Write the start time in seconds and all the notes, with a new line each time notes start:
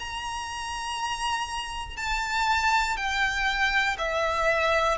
0.00 A#5
1.97 A5
2.97 G5
3.99 E5